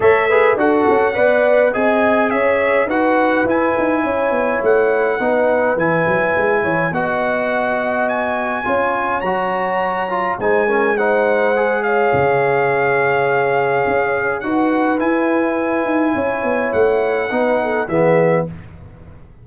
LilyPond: <<
  \new Staff \with { instrumentName = "trumpet" } { \time 4/4 \tempo 4 = 104 e''4 fis''2 gis''4 | e''4 fis''4 gis''2 | fis''2 gis''2 | fis''2 gis''2 |
ais''2 gis''4 fis''4~ | fis''8 f''2.~ f''8~ | f''4 fis''4 gis''2~ | gis''4 fis''2 e''4 | }
  \new Staff \with { instrumentName = "horn" } { \time 4/4 cis''8 b'8 a'4 d''4 dis''4 | cis''4 b'2 cis''4~ | cis''4 b'2~ b'8 cis''8 | dis''2. cis''4~ |
cis''2 c''8 ais'8 c''4~ | c''8 cis''2.~ cis''8~ | cis''4 b'2. | cis''2 b'8 a'8 gis'4 | }
  \new Staff \with { instrumentName = "trombone" } { \time 4/4 a'8 gis'8 fis'4 b'4 gis'4~ | gis'4 fis'4 e'2~ | e'4 dis'4 e'2 | fis'2. f'4 |
fis'4. f'8 dis'8 cis'8 dis'4 | gis'1~ | gis'4 fis'4 e'2~ | e'2 dis'4 b4 | }
  \new Staff \with { instrumentName = "tuba" } { \time 4/4 a4 d'8 cis'8 b4 c'4 | cis'4 dis'4 e'8 dis'8 cis'8 b8 | a4 b4 e8 fis8 gis8 e8 | b2. cis'4 |
fis2 gis2~ | gis4 cis2. | cis'4 dis'4 e'4. dis'8 | cis'8 b8 a4 b4 e4 | }
>>